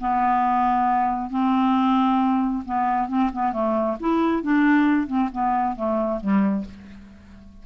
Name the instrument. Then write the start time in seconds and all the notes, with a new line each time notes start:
clarinet
0.00 B3
1.30 C4
2.65 B3
3.08 C4
3.33 B3
3.52 A3
4.00 E4
4.42 D4
5.07 C4
5.32 B3
5.76 A3
6.20 G3